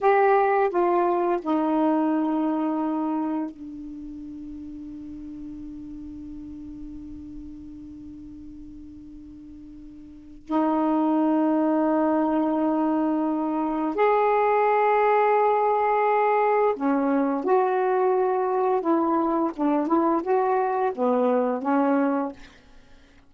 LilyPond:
\new Staff \with { instrumentName = "saxophone" } { \time 4/4 \tempo 4 = 86 g'4 f'4 dis'2~ | dis'4 d'2.~ | d'1~ | d'2. dis'4~ |
dis'1 | gis'1 | cis'4 fis'2 e'4 | d'8 e'8 fis'4 b4 cis'4 | }